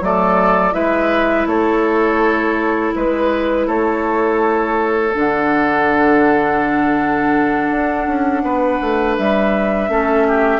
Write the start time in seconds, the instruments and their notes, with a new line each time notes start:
0.00 bassoon F#3, clarinet A3, oboe A4, flute D5
0.71 bassoon G#3, clarinet E4, oboe B4, flute E5
1.46 bassoon A3, oboe A4, flute C#5
2.95 bassoon G#3, oboe B4, flute B4
3.66 bassoon A3, oboe A4, flute C#5
5.14 bassoon D3, clarinet D4, flute F#5
7.70 bassoon D4
8.06 bassoon C#4
8.42 bassoon B3, oboe B4
8.80 bassoon A3
9.17 bassoon G3, flute E5
9.88 bassoon A3, clarinet C#4, oboe A4
10.27 oboe G4